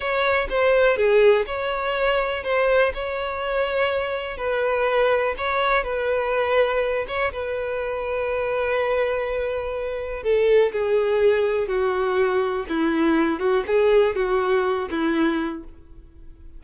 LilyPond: \new Staff \with { instrumentName = "violin" } { \time 4/4 \tempo 4 = 123 cis''4 c''4 gis'4 cis''4~ | cis''4 c''4 cis''2~ | cis''4 b'2 cis''4 | b'2~ b'8 cis''8 b'4~ |
b'1~ | b'4 a'4 gis'2 | fis'2 e'4. fis'8 | gis'4 fis'4. e'4. | }